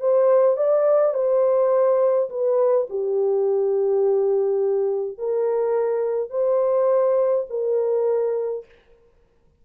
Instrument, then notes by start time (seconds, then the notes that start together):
horn
0.00 C5
0.57 D5
1.14 C5
2.30 B4
2.90 G4
5.18 A#4
6.30 C5
7.50 A#4